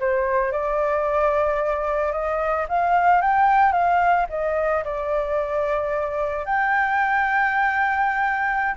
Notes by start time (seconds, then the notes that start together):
0.00 C5
0.52 D5
2.13 D#5
2.69 F5
3.21 G5
3.72 F5
4.30 D#5
4.84 D5
6.46 G5